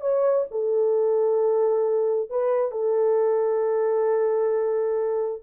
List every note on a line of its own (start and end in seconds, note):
0.00 0.45 C#5
0.51 2.30 A4
2.30 2.71 B4
2.71 5.42 A4